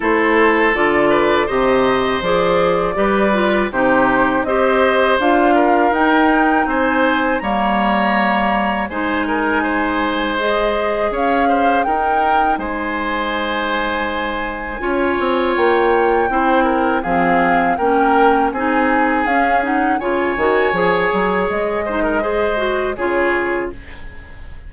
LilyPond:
<<
  \new Staff \with { instrumentName = "flute" } { \time 4/4 \tempo 4 = 81 c''4 d''4 dis''4 d''4~ | d''4 c''4 dis''4 f''4 | g''4 gis''4 ais''2 | gis''2 dis''4 f''4 |
g''4 gis''2.~ | gis''4 g''2 f''4 | g''4 gis''4 f''8 fis''8 gis''4~ | gis''4 dis''2 cis''4 | }
  \new Staff \with { instrumentName = "oboe" } { \time 4/4 a'4. b'8 c''2 | b'4 g'4 c''4. ais'8~ | ais'4 c''4 cis''2 | c''8 ais'8 c''2 cis''8 c''8 |
ais'4 c''2. | cis''2 c''8 ais'8 gis'4 | ais'4 gis'2 cis''4~ | cis''4. c''16 ais'16 c''4 gis'4 | }
  \new Staff \with { instrumentName = "clarinet" } { \time 4/4 e'4 f'4 g'4 gis'4 | g'8 f'8 dis'4 g'4 f'4 | dis'2 ais2 | dis'2 gis'2 |
dis'1 | f'2 e'4 c'4 | cis'4 dis'4 cis'8 dis'8 f'8 fis'8 | gis'4. dis'8 gis'8 fis'8 f'4 | }
  \new Staff \with { instrumentName = "bassoon" } { \time 4/4 a4 d4 c4 f4 | g4 c4 c'4 d'4 | dis'4 c'4 g2 | gis2. cis'4 |
dis'4 gis2. | cis'8 c'8 ais4 c'4 f4 | ais4 c'4 cis'4 cis8 dis8 | f8 fis8 gis2 cis4 | }
>>